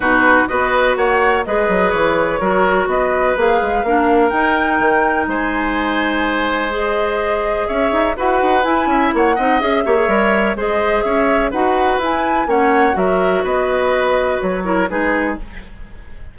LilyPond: <<
  \new Staff \with { instrumentName = "flute" } { \time 4/4 \tempo 4 = 125 b'4 dis''4 fis''4 dis''4 | cis''2 dis''4 f''4~ | f''4 g''2 gis''4~ | gis''2 dis''2 |
e''4 fis''4 gis''4 fis''4 | e''2 dis''4 e''4 | fis''4 gis''4 fis''4 e''4 | dis''2 cis''4 b'4 | }
  \new Staff \with { instrumentName = "oboe" } { \time 4/4 fis'4 b'4 cis''4 b'4~ | b'4 ais'4 b'2 | ais'2. c''4~ | c''1 |
cis''4 b'4. e''8 cis''8 dis''8~ | dis''8 cis''4. c''4 cis''4 | b'2 cis''4 ais'4 | b'2~ b'8 ais'8 gis'4 | }
  \new Staff \with { instrumentName = "clarinet" } { \time 4/4 dis'4 fis'2 gis'4~ | gis'4 fis'2 gis'4 | d'4 dis'2.~ | dis'2 gis'2~ |
gis'4 fis'4 e'4. dis'8 | gis'8 g'16 gis'16 ais'4 gis'2 | fis'4 e'4 cis'4 fis'4~ | fis'2~ fis'8 e'8 dis'4 | }
  \new Staff \with { instrumentName = "bassoon" } { \time 4/4 b,4 b4 ais4 gis8 fis8 | e4 fis4 b4 ais8 gis8 | ais4 dis'4 dis4 gis4~ | gis1 |
cis'8 dis'8 e'8 dis'8 e'8 cis'8 ais8 c'8 | cis'8 ais8 g4 gis4 cis'4 | dis'4 e'4 ais4 fis4 | b2 fis4 gis4 | }
>>